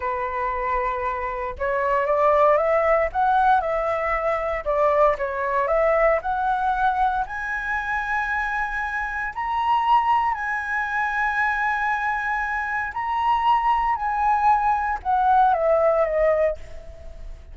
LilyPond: \new Staff \with { instrumentName = "flute" } { \time 4/4 \tempo 4 = 116 b'2. cis''4 | d''4 e''4 fis''4 e''4~ | e''4 d''4 cis''4 e''4 | fis''2 gis''2~ |
gis''2 ais''2 | gis''1~ | gis''4 ais''2 gis''4~ | gis''4 fis''4 e''4 dis''4 | }